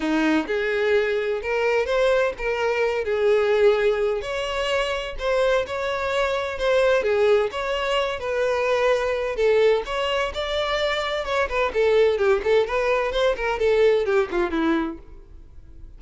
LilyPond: \new Staff \with { instrumentName = "violin" } { \time 4/4 \tempo 4 = 128 dis'4 gis'2 ais'4 | c''4 ais'4. gis'4.~ | gis'4 cis''2 c''4 | cis''2 c''4 gis'4 |
cis''4. b'2~ b'8 | a'4 cis''4 d''2 | cis''8 b'8 a'4 g'8 a'8 b'4 | c''8 ais'8 a'4 g'8 f'8 e'4 | }